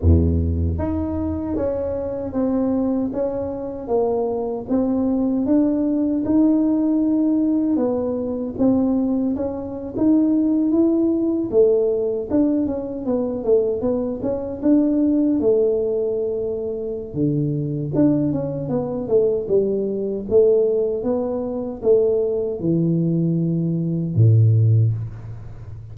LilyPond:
\new Staff \with { instrumentName = "tuba" } { \time 4/4 \tempo 4 = 77 e,4 dis'4 cis'4 c'4 | cis'4 ais4 c'4 d'4 | dis'2 b4 c'4 | cis'8. dis'4 e'4 a4 d'16~ |
d'16 cis'8 b8 a8 b8 cis'8 d'4 a16~ | a2 d4 d'8 cis'8 | b8 a8 g4 a4 b4 | a4 e2 a,4 | }